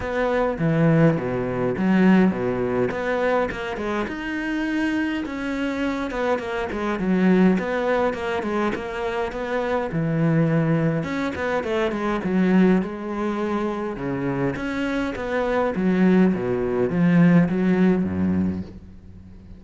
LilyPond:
\new Staff \with { instrumentName = "cello" } { \time 4/4 \tempo 4 = 103 b4 e4 b,4 fis4 | b,4 b4 ais8 gis8 dis'4~ | dis'4 cis'4. b8 ais8 gis8 | fis4 b4 ais8 gis8 ais4 |
b4 e2 cis'8 b8 | a8 gis8 fis4 gis2 | cis4 cis'4 b4 fis4 | b,4 f4 fis4 fis,4 | }